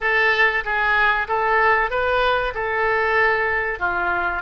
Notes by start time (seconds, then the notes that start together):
0.00 A4
0.64 G#4
1.27 A4
1.90 B4
2.54 A4
3.79 F4